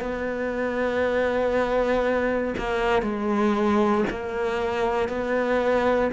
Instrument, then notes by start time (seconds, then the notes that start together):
cello
0.00 B3
2.58 A#3
3.03 G#3
4.10 A#3
5.09 B3